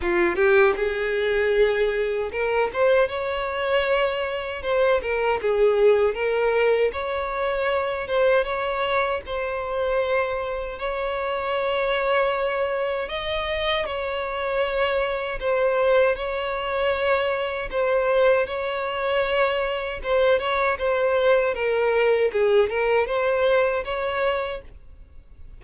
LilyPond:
\new Staff \with { instrumentName = "violin" } { \time 4/4 \tempo 4 = 78 f'8 g'8 gis'2 ais'8 c''8 | cis''2 c''8 ais'8 gis'4 | ais'4 cis''4. c''8 cis''4 | c''2 cis''2~ |
cis''4 dis''4 cis''2 | c''4 cis''2 c''4 | cis''2 c''8 cis''8 c''4 | ais'4 gis'8 ais'8 c''4 cis''4 | }